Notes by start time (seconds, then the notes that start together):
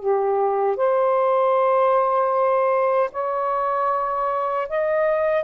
0.00 G4
0.77 C5
3.12 C#5
4.69 D#5